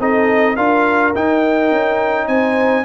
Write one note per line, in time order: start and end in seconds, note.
0.00 0.57 C4
0.00 0.58 D#4
0.00 0.56 A4
0.00 0.57 D#5
0.56 1.15 D4
0.56 1.15 F4
0.56 2.28 A#4
0.56 1.14 F5
1.15 1.72 D#4
1.15 2.85 D#4
1.15 2.28 G5
1.72 2.28 C#4
2.28 2.85 C4
2.28 2.85 C5
2.28 2.85 G#5